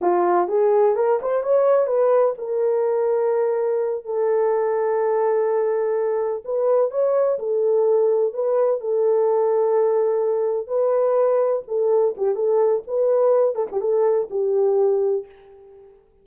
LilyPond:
\new Staff \with { instrumentName = "horn" } { \time 4/4 \tempo 4 = 126 f'4 gis'4 ais'8 c''8 cis''4 | b'4 ais'2.~ | ais'8 a'2.~ a'8~ | a'4. b'4 cis''4 a'8~ |
a'4. b'4 a'4.~ | a'2~ a'8 b'4.~ | b'8 a'4 g'8 a'4 b'4~ | b'8 a'16 g'16 a'4 g'2 | }